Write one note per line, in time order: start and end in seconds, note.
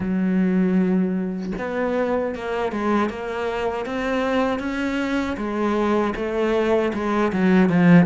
0.00 1.52 F#3
1.58 2.35 B3
2.35 2.71 A#3
2.71 3.09 G#3
3.09 3.85 A#3
3.85 4.59 C4
4.59 5.36 C#4
5.37 6.14 G#3
6.15 6.92 A3
6.93 7.31 G#3
7.32 7.69 F#3
7.69 8.06 F3